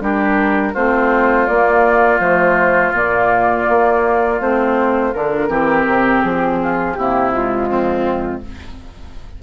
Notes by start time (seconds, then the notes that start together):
0.00 G3 D4 G4 A#4
0.73 A3 C4 F4 C5
1.47 A#3 D5
2.20 F3 A3 C5
2.93 A#2 A#3 D5
3.69 A#3
4.40 A3 C4 C5
5.14 D3 D4 A#4
5.48 E3 C4 G4
5.87 C3
6.22 F3 G#4
6.63 F4
6.95 C3 A#3 E4 G4
7.32 G#3 F4
7.68 F2 C4